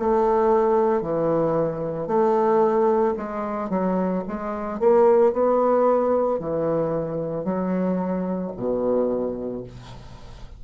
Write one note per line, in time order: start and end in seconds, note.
0.00 1.02 A3
1.02 2.08 E3
2.08 3.15 A3
3.18 3.70 G#3
3.70 4.24 F#3
4.28 4.80 G#3
4.80 5.33 A#3
5.33 6.40 B3
6.40 7.45 E3
7.45 8.52 F#3
8.57 9.64 B2